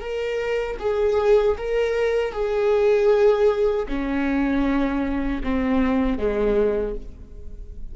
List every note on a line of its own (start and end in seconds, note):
0.00 0.77 A#4
0.79 1.56 G#4
1.57 2.32 A#4
2.32 3.86 G#4
3.88 5.42 C#4
5.43 6.18 C4
6.18 6.95 G#3